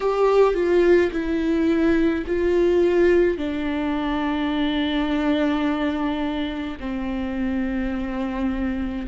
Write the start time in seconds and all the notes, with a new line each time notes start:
0.00 G4
0.54 F4
1.11 E4
2.26 F4
3.37 D4
6.79 C4